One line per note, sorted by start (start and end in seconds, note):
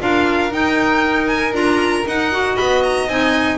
0.00 0.52 D4
0.00 0.51 F4
0.00 2.55 A#4
0.00 0.53 F5
0.51 1.53 D#4
0.51 1.27 G5
1.27 1.53 G#5
1.53 2.04 D4
1.53 2.04 F4
1.53 2.07 A#5
2.07 2.58 D#4
2.07 2.32 D#4
2.07 2.57 F#5
2.32 3.09 F#4
2.55 3.07 B3
2.55 3.58 D#5
2.55 2.82 B5
2.83 3.09 A#5
3.07 3.58 C4
3.07 3.58 D#4
3.07 3.58 G#5